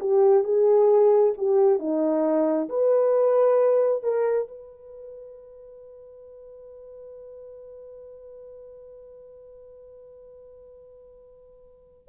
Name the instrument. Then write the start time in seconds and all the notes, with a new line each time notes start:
horn
0.00 G4
0.44 G#4
1.38 G4
1.80 D#4
2.69 B4
4.03 A#4
4.48 B4